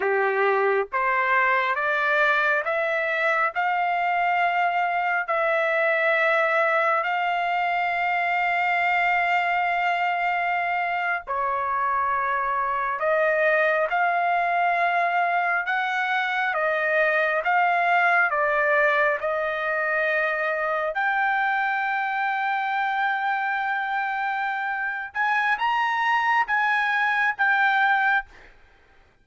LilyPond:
\new Staff \with { instrumentName = "trumpet" } { \time 4/4 \tempo 4 = 68 g'4 c''4 d''4 e''4 | f''2 e''2 | f''1~ | f''8. cis''2 dis''4 f''16~ |
f''4.~ f''16 fis''4 dis''4 f''16~ | f''8. d''4 dis''2 g''16~ | g''1~ | g''8 gis''8 ais''4 gis''4 g''4 | }